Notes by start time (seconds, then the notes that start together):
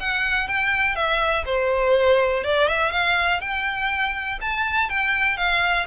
0.00 F#5
0.48 G5
0.96 E5
1.46 C5
2.44 D5
2.68 E5
2.92 F5
3.41 G5
4.41 A5
4.90 G5
5.37 F5